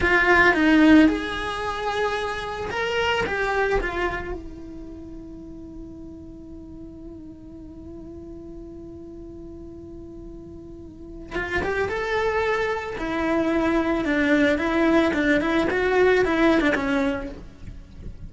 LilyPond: \new Staff \with { instrumentName = "cello" } { \time 4/4 \tempo 4 = 111 f'4 dis'4 gis'2~ | gis'4 ais'4 g'4 f'4 | e'1~ | e'1~ |
e'1~ | e'4 f'8 g'8 a'2 | e'2 d'4 e'4 | d'8 e'8 fis'4 e'8. d'16 cis'4 | }